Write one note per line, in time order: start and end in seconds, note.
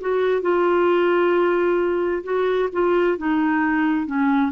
0.00 0.41 F#4
0.41 2.23 F4
2.24 2.69 F#4
2.72 3.17 F4
3.17 4.06 D#4
4.06 4.51 C#4